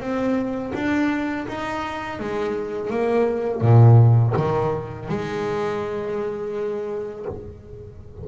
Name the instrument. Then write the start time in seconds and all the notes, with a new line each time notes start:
double bass
0.00 C4
0.74 D4
1.48 D#4
2.19 G#3
2.90 A#3
3.61 A#2
4.36 D#3
5.09 G#3